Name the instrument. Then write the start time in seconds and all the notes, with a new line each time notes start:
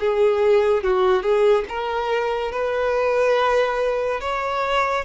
violin
0.00 G#4
0.84 F#4
1.23 G#4
1.69 A#4
2.52 B4
4.21 C#5